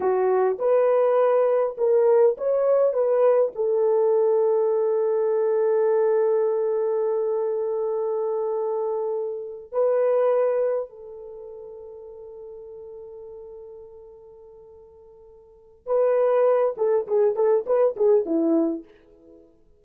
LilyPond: \new Staff \with { instrumentName = "horn" } { \time 4/4 \tempo 4 = 102 fis'4 b'2 ais'4 | cis''4 b'4 a'2~ | a'1~ | a'1~ |
a'8 b'2 a'4.~ | a'1~ | a'2. b'4~ | b'8 a'8 gis'8 a'8 b'8 gis'8 e'4 | }